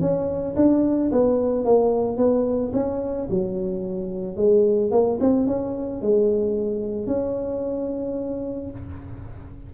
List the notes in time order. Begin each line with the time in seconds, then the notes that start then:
0.00 C#4
0.56 D4
1.12 B3
1.65 A#3
2.17 B3
2.73 C#4
3.30 F#3
4.36 G#3
4.91 A#3
5.20 C4
5.47 C#4
6.01 G#3
7.07 C#4